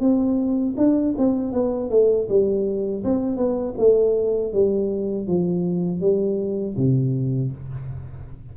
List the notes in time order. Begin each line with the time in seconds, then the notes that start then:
0.00 C4
0.77 D4
1.18 C4
1.52 B3
1.90 A3
2.29 G3
3.04 C4
3.36 B3
3.78 A3
4.53 G3
5.27 F3
6.01 G3
6.77 C3